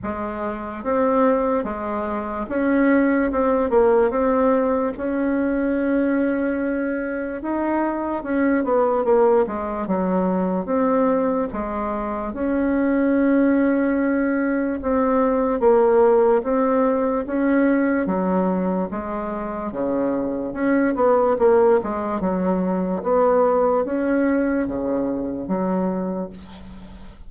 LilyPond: \new Staff \with { instrumentName = "bassoon" } { \time 4/4 \tempo 4 = 73 gis4 c'4 gis4 cis'4 | c'8 ais8 c'4 cis'2~ | cis'4 dis'4 cis'8 b8 ais8 gis8 | fis4 c'4 gis4 cis'4~ |
cis'2 c'4 ais4 | c'4 cis'4 fis4 gis4 | cis4 cis'8 b8 ais8 gis8 fis4 | b4 cis'4 cis4 fis4 | }